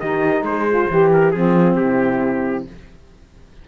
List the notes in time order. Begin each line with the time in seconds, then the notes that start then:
0.00 D#3 D#4 G4 D#5
0.42 G#3 C5
0.48 G#4
0.69 F4
0.90 E3 G4
1.12 A#4
1.31 F3 C4 F4 G#4
1.76 C3 E4 G4